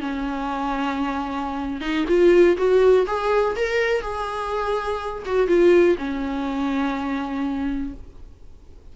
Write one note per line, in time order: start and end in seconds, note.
0.00 1.80 C#4
1.80 2.05 D#4
2.08 2.57 F4
2.57 3.06 F#4
3.07 3.55 G#4
3.56 4.01 A#4
4.01 5.23 G#4
5.25 5.47 F#4
5.47 5.96 F4
5.98 7.93 C#4